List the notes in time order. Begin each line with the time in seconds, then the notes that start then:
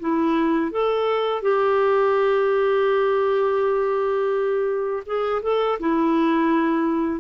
0.00 E4
0.71 A4
1.42 G4
5.06 G#4
5.42 A4
5.80 E4